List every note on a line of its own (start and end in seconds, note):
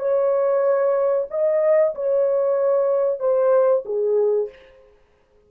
0.00 1.28 C#5
1.31 1.95 D#5
1.95 3.20 C#5
3.20 3.84 C5
3.86 4.49 G#4